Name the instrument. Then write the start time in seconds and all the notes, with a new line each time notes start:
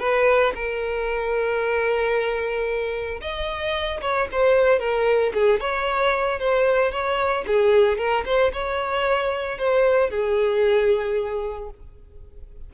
violin
0.00 B4
0.55 A#4
3.21 D#5
4.02 C#5
4.32 C5
4.80 A#4
5.34 G#4
5.60 C#5
6.40 C5
6.92 C#5
7.47 G#4
7.98 A#4
8.26 C5
8.53 C#5
9.58 C5
10.11 G#4